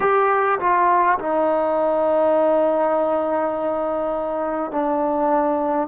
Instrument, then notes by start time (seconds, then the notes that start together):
trombone
0.00 G4
0.59 F4
1.18 D#4
4.71 D4